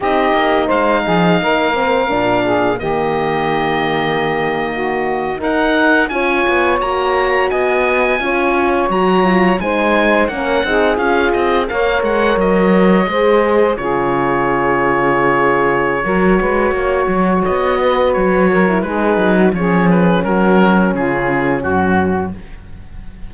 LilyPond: <<
  \new Staff \with { instrumentName = "oboe" } { \time 4/4 \tempo 4 = 86 dis''4 f''2. | dis''2.~ dis''8. fis''16~ | fis''8. gis''4 ais''4 gis''4~ gis''16~ | gis''8. ais''4 gis''4 fis''4 f''16~ |
f''16 dis''8 f''8 fis''8 dis''2 cis''16~ | cis''1~ | cis''4 dis''4 cis''4 b'4 | cis''8 b'8 ais'4 gis'4 fis'4 | }
  \new Staff \with { instrumentName = "saxophone" } { \time 4/4 g'4 c''8 gis'8 ais'4. gis'8 | g'2~ g'8. fis'4 ais'16~ | ais'8. cis''2 dis''4 cis''16~ | cis''4.~ cis''16 c''4 ais'8 gis'8.~ |
gis'8. cis''2 c''4 gis'16~ | gis'2. ais'8 b'8 | cis''4. b'4 ais'8 gis'8. fis'16 | gis'4 fis'4 f'4 fis'4 | }
  \new Staff \with { instrumentName = "horn" } { \time 4/4 dis'2~ dis'8 c'8 d'4 | ais2.~ ais8. dis'16~ | dis'8. f'4 fis'2 f'16~ | f'8. fis'8 f'8 dis'4 cis'8 dis'8 f'16~ |
f'8. ais'2 gis'4 f'16~ | f'2. fis'4~ | fis'2~ fis'8. e'16 dis'4 | cis'1 | }
  \new Staff \with { instrumentName = "cello" } { \time 4/4 c'8 ais8 gis8 f8 ais4 ais,4 | dis2.~ dis8. dis'16~ | dis'8. cis'8 b8 ais4 b4 cis'16~ | cis'8. fis4 gis4 ais8 c'8 cis'16~ |
cis'16 c'8 ais8 gis8 fis4 gis4 cis16~ | cis2. fis8 gis8 | ais8 fis8 b4 fis4 gis8 fis8 | f4 fis4 cis4 fis,4 | }
>>